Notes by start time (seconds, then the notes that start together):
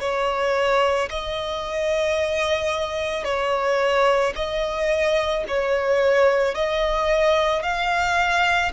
0.00 C#5
1.10 D#5
3.24 C#5
4.35 D#5
5.48 C#5
6.55 D#5
7.63 F5